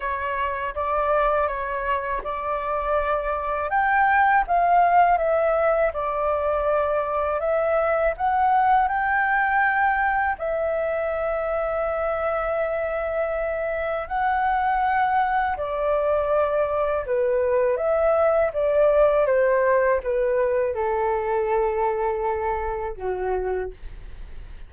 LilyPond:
\new Staff \with { instrumentName = "flute" } { \time 4/4 \tempo 4 = 81 cis''4 d''4 cis''4 d''4~ | d''4 g''4 f''4 e''4 | d''2 e''4 fis''4 | g''2 e''2~ |
e''2. fis''4~ | fis''4 d''2 b'4 | e''4 d''4 c''4 b'4 | a'2. fis'4 | }